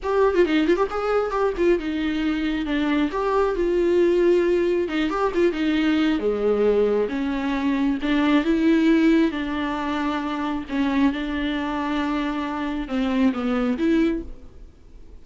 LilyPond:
\new Staff \with { instrumentName = "viola" } { \time 4/4 \tempo 4 = 135 g'8. f'16 dis'8 f'16 g'16 gis'4 g'8 f'8 | dis'2 d'4 g'4 | f'2. dis'8 g'8 | f'8 dis'4. gis2 |
cis'2 d'4 e'4~ | e'4 d'2. | cis'4 d'2.~ | d'4 c'4 b4 e'4 | }